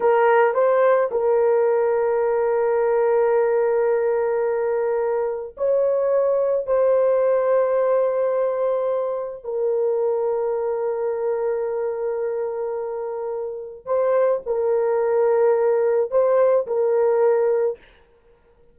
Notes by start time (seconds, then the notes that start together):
0.00 A#4
0.54 C5
1.11 A#4
5.57 C#5
6.66 C5
9.44 A#4
13.85 C5
14.46 A#4
16.11 C5
16.67 A#4